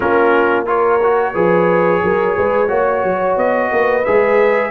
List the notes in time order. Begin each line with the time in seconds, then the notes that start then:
0.00 A#3 C#4 F4 A#4
0.66 F4 A#4 C#5
1.03 F#4
1.33 F3 G#4 B4
2.03 F#3 A#4
2.36 G#3 B4
2.67 A#3 F#4 C#5
3.03 F#3
3.37 B3 D#5
3.71 A#3 B4
4.04 G#3 G#4 E5